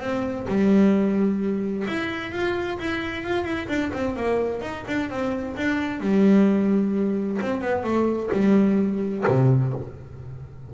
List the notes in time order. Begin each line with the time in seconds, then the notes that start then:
0.00 C4
0.48 G3
1.87 E4
2.32 F4
2.79 E4
3.23 F4
3.44 E4
3.68 D4
3.93 C4
4.16 A#3
4.61 D#4
4.87 D4
5.10 C4
5.56 D4
6.00 G3
7.41 C4
7.61 B3
7.83 A3
8.32 G3
9.27 C3